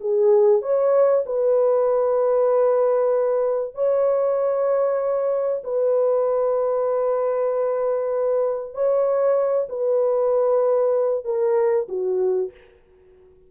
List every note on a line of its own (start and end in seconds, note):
0.00 0.62 G#4
0.62 1.24 C#5
1.26 3.74 B4
3.74 5.62 C#5
5.64 8.74 B4
8.74 9.67 C#5
9.69 11.24 B4
11.24 11.87 A#4
11.88 12.51 F#4